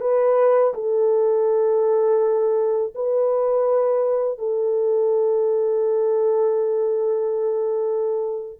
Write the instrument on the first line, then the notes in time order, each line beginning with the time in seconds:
horn
0.00 B4
0.74 A4
2.94 B4
4.38 A4